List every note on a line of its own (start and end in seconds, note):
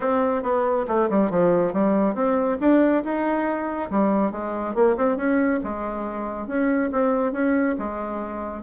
0.00 0.43 C4
0.43 0.86 B3
0.87 1.09 A3
1.10 1.30 G3
1.30 1.73 F3
1.73 2.14 G3
2.14 2.57 C4
2.60 3.03 D4
3.03 3.90 D#4
3.90 4.31 G3
4.31 4.74 G#3
4.74 4.96 A#3
4.96 5.17 C4
5.17 5.60 C#4
5.63 6.47 G#3
6.47 6.90 C#4
6.92 7.32 C4
7.32 7.75 C#4
7.78 8.63 G#3